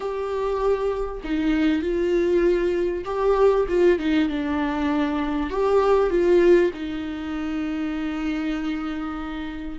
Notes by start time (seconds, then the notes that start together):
0.00 G4
1.24 D#4
1.81 F4
3.04 G4
3.68 F4
3.99 D#4
4.29 D4
5.50 G4
6.09 F4
6.73 D#4